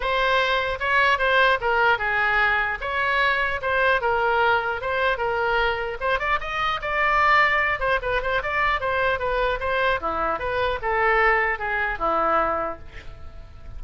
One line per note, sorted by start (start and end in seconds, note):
0.00 0.78 C5
0.79 1.18 C#5
1.18 1.58 C5
1.60 1.98 A#4
1.98 2.78 G#4
2.80 3.60 C#5
3.61 4.01 C5
4.01 4.81 A#4
4.81 5.17 C5
5.17 5.97 A#4
6.00 6.19 C5
6.19 6.39 D5
6.40 6.80 D#5
6.81 7.79 D5
7.79 7.99 C5
8.02 8.21 B4
8.21 8.41 C5
8.42 8.80 D5
8.80 9.19 C5
9.19 9.59 B4
9.60 10.00 C5
10.00 10.39 E4
10.39 10.79 B4
10.81 11.59 A4
11.59 11.99 G#4
11.99 12.79 E4